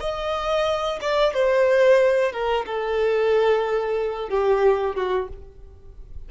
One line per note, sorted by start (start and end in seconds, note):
0.00 0.99 D#5
1.00 1.33 D5
1.33 2.32 C5
2.32 2.65 A#4
2.66 4.29 A4
4.29 4.95 G4
4.95 5.28 F#4